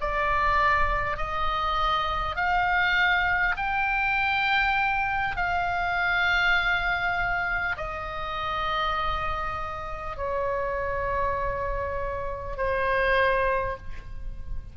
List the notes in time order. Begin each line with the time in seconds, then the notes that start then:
0.00 D5
1.17 D#5
2.36 F5
3.57 G5
5.36 F5
7.77 D#5
10.17 C#5
12.57 C5